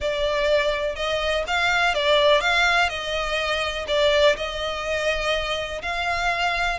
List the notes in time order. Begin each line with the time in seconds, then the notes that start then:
0.00 D5
0.95 D#5
1.47 F5
1.94 D5
2.40 F5
2.89 D#5
3.87 D5
4.36 D#5
5.82 F5